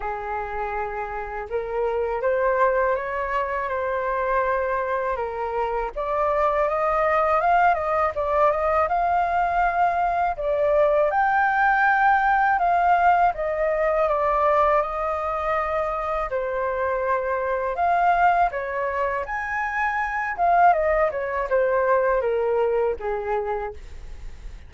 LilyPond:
\new Staff \with { instrumentName = "flute" } { \time 4/4 \tempo 4 = 81 gis'2 ais'4 c''4 | cis''4 c''2 ais'4 | d''4 dis''4 f''8 dis''8 d''8 dis''8 | f''2 d''4 g''4~ |
g''4 f''4 dis''4 d''4 | dis''2 c''2 | f''4 cis''4 gis''4. f''8 | dis''8 cis''8 c''4 ais'4 gis'4 | }